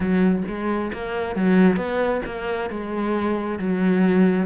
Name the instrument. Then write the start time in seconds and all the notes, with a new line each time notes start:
cello
0.00 F#3
0.47 G#3
0.93 A#3
1.35 F#3
1.76 B3
2.26 A#3
2.69 G#3
3.58 F#3